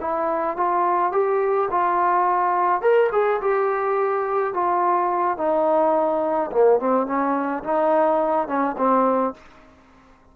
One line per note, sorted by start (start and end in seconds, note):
0.00 0.57 E4
0.57 1.12 F4
1.12 1.68 G4
1.70 2.81 F4
2.81 3.10 A#4
3.12 3.40 G#4
3.41 4.54 G4
4.54 5.37 F4
5.37 6.51 D#4
6.51 6.80 A#3
6.80 7.06 C4
7.06 7.63 C#4
7.64 8.47 D#4
8.47 8.76 C#4
8.77 9.34 C4